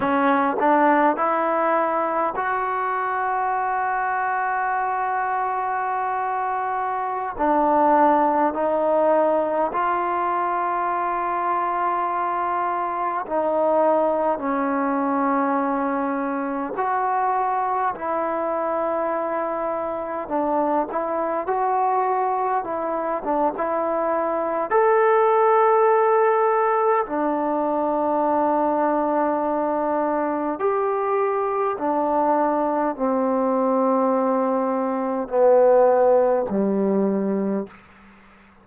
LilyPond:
\new Staff \with { instrumentName = "trombone" } { \time 4/4 \tempo 4 = 51 cis'8 d'8 e'4 fis'2~ | fis'2~ fis'16 d'4 dis'8.~ | dis'16 f'2. dis'8.~ | dis'16 cis'2 fis'4 e'8.~ |
e'4~ e'16 d'8 e'8 fis'4 e'8 d'16 | e'4 a'2 d'4~ | d'2 g'4 d'4 | c'2 b4 g4 | }